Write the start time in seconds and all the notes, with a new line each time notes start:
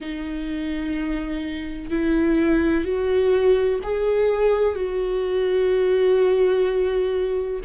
0.00 D#4
1.90 E4
2.84 F#4
3.83 G#4
4.74 F#4